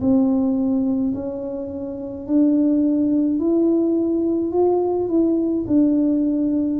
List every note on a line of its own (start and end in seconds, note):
0.00 1.13 C4
1.14 2.26 C#4
2.26 3.39 D4
3.39 4.52 E4
4.52 5.08 F4
5.08 5.65 E4
5.67 6.79 D4